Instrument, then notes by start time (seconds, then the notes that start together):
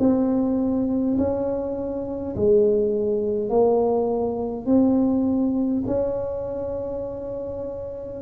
tuba
0.00 C4
1.18 C#4
2.36 G#3
3.50 A#3
4.66 C4
5.87 C#4